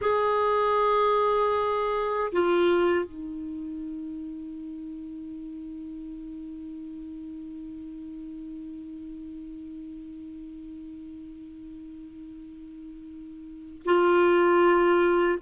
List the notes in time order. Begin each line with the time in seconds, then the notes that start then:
0.01 G#4
2.32 F4
3.05 D#4
13.85 F4